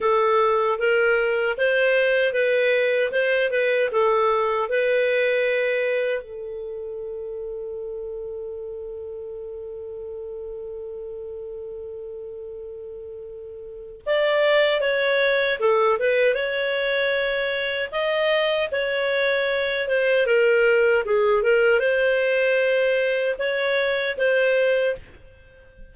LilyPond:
\new Staff \with { instrumentName = "clarinet" } { \time 4/4 \tempo 4 = 77 a'4 ais'4 c''4 b'4 | c''8 b'8 a'4 b'2 | a'1~ | a'1~ |
a'2 d''4 cis''4 | a'8 b'8 cis''2 dis''4 | cis''4. c''8 ais'4 gis'8 ais'8 | c''2 cis''4 c''4 | }